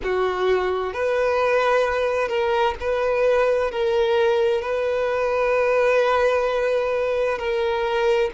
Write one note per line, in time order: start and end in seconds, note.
0.03 0.93 F#4
0.93 2.28 B4
2.28 2.74 A#4
2.79 3.71 B4
3.71 4.62 A#4
4.62 7.38 B4
7.38 8.30 A#4